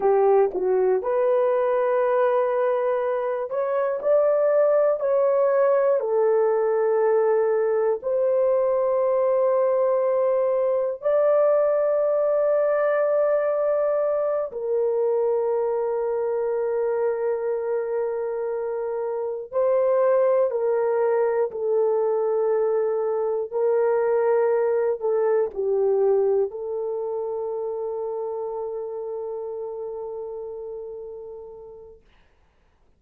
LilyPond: \new Staff \with { instrumentName = "horn" } { \time 4/4 \tempo 4 = 60 g'8 fis'8 b'2~ b'8 cis''8 | d''4 cis''4 a'2 | c''2. d''4~ | d''2~ d''8 ais'4.~ |
ais'2.~ ais'8 c''8~ | c''8 ais'4 a'2 ais'8~ | ais'4 a'8 g'4 a'4.~ | a'1 | }